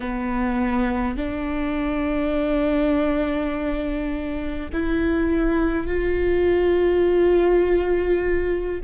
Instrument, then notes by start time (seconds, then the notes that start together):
viola
0.00 B3
1.17 D4
4.73 E4
5.86 F4